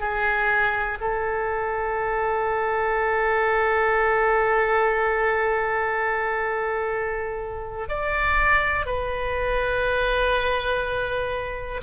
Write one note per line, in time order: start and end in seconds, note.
0.00 0.98 G#4
1.01 7.89 A4
7.89 8.86 D5
8.86 11.81 B4